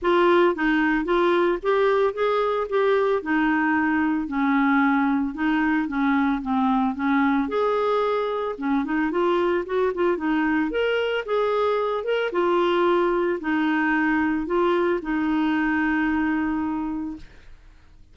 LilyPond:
\new Staff \with { instrumentName = "clarinet" } { \time 4/4 \tempo 4 = 112 f'4 dis'4 f'4 g'4 | gis'4 g'4 dis'2 | cis'2 dis'4 cis'4 | c'4 cis'4 gis'2 |
cis'8 dis'8 f'4 fis'8 f'8 dis'4 | ais'4 gis'4. ais'8 f'4~ | f'4 dis'2 f'4 | dis'1 | }